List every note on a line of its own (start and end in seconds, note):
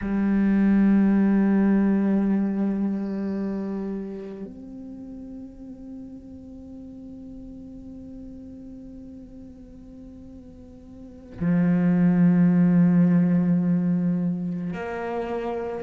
0.01 4.44 G3
4.44 11.39 C4
11.40 14.73 F3
14.73 15.83 A#3